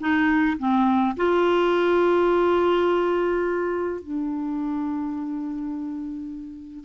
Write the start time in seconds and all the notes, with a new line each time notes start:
0.00 D#4
0.59 C4
1.17 F4
4.02 D4